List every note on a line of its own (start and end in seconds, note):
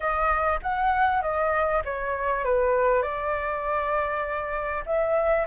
0.00 0.59 D#5
0.62 1.21 F#5
1.21 1.82 D#5
1.85 2.44 C#5
2.44 3.02 B4
3.02 4.84 D5
4.86 5.46 E5